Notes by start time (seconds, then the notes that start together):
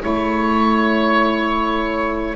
0.00 A3 E4 C#5